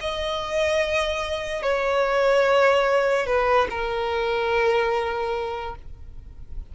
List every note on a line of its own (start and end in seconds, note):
0.00 1.62 D#5
1.62 3.26 C#5
3.26 3.67 B4
3.69 5.75 A#4